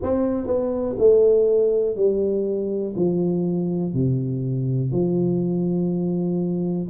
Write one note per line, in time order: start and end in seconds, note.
0.02 0.46 C4
0.46 0.96 B3
0.98 1.96 A3
1.96 2.94 G3
2.95 3.93 F3
3.93 4.91 C3
4.91 6.88 F3